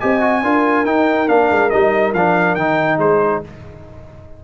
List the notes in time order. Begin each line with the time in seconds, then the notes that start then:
0.00 C4 G4 D#5 G#5
0.21 F#4
0.43 D4 F4 A#4
0.85 D#4 G5
1.27 A#3 D4 F5
1.51 G#3
1.70 G3 D#4 D#5
2.13 F3 D4 F5
2.55 D#3 D#4 G5
2.98 G#3 G#4 C5